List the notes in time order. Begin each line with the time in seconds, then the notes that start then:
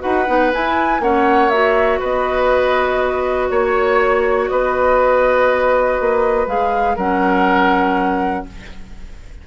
0.00 D#4 F#4 B4 F#5
0.27 B3 D#4
0.53 E4 G#5
1.00 A#3 C#4 C#5 F#5
1.49 F#4 E5
1.99 B3 B4 D#5
3.50 A#3 C#5
4.49 B3 B4 D#5
6.00 A#3
6.47 G#3 G#4 F5
6.96 F#3 C#4 A#4 F#5